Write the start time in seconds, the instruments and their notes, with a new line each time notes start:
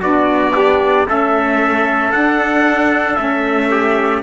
0.00 cello B3, saxophone D4, trumpet F#4 D5
0.54 trumpet D4, saxophone G4
1.06 cello A3, saxophone C#4, trumpet A4 E5
2.12 cello D4, saxophone D4, trumpet F#5
3.15 cello A3, saxophone C#4, trumpet E5
3.70 trumpet G4